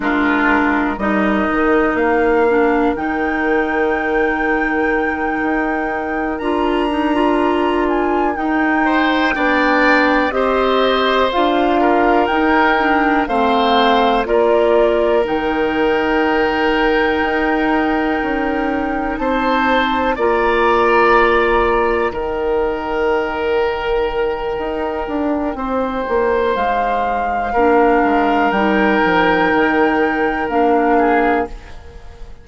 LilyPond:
<<
  \new Staff \with { instrumentName = "flute" } { \time 4/4 \tempo 4 = 61 ais'4 dis''4 f''4 g''4~ | g''2~ g''8 ais''4. | gis''8 g''2 dis''4 f''8~ | f''8 g''4 f''4 d''4 g''8~ |
g''2.~ g''8 a''8~ | a''8 ais''2 g''4.~ | g''2. f''4~ | f''4 g''2 f''4 | }
  \new Staff \with { instrumentName = "oboe" } { \time 4/4 f'4 ais'2.~ | ais'1~ | ais'4 c''8 d''4 c''4. | ais'4. c''4 ais'4.~ |
ais'2.~ ais'8 c''8~ | c''8 d''2 ais'4.~ | ais'2 c''2 | ais'2.~ ais'8 gis'8 | }
  \new Staff \with { instrumentName = "clarinet" } { \time 4/4 d'4 dis'4. d'8 dis'4~ | dis'2~ dis'8 f'8 dis'16 f'8.~ | f'8 dis'4 d'4 g'4 f'8~ | f'8 dis'8 d'8 c'4 f'4 dis'8~ |
dis'1~ | dis'8 f'2 dis'4.~ | dis'1 | d'4 dis'2 d'4 | }
  \new Staff \with { instrumentName = "bassoon" } { \time 4/4 gis4 g8 dis8 ais4 dis4~ | dis4. dis'4 d'4.~ | d'8 dis'4 b4 c'4 d'8~ | d'8 dis'4 a4 ais4 dis8~ |
dis4. dis'4 cis'4 c'8~ | c'8 ais2 dis4.~ | dis4 dis'8 d'8 c'8 ais8 gis4 | ais8 gis8 g8 f8 dis4 ais4 | }
>>